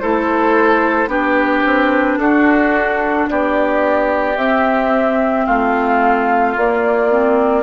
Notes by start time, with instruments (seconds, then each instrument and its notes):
0.00 bassoon A3, clarinet E4, oboe A4, flute C5
1.07 bassoon B3, clarinet D4, oboe G4, flute B4
1.66 bassoon C4
2.18 bassoon D4, oboe F#4, flute A4
3.29 bassoon B3, oboe G4, flute D5
4.36 bassoon C4, clarinet C4, flute E5
5.46 bassoon A3, oboe F4, flute F5
6.56 bassoon A#3, clarinet A#3, flute D5
7.11 clarinet C4